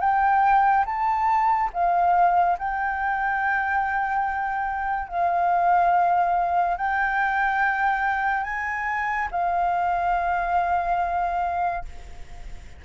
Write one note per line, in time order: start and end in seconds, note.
0.00 0.85 G5
0.86 1.70 A5
1.73 2.58 F5
2.59 5.09 G5
5.09 6.77 F5
6.77 8.44 G5
8.44 9.28 G#5
9.31 11.85 F5